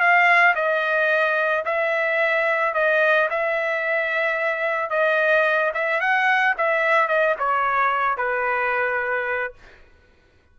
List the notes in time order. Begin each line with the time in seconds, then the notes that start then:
0.00 F5
0.56 D#5
1.65 E5
2.74 D#5
3.30 E5
4.90 D#5
5.74 E5
6.00 F#5
6.58 E5
7.08 D#5
7.39 C#5
8.17 B4